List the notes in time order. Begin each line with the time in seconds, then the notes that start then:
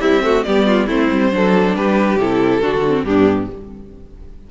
0.00 G3 C4 E4 E5
0.22 A3 F#4
0.43 G3 B3 G4 D5
0.67 F4
0.86 A3 C4 E4 C5
1.10 G3
1.31 F#3 D4 A4
1.74 G3 G4 B4
2.16 C3 E4 A4
2.61 D3 D4 F#4
2.87 C4
3.03 G2 B3 D4 G4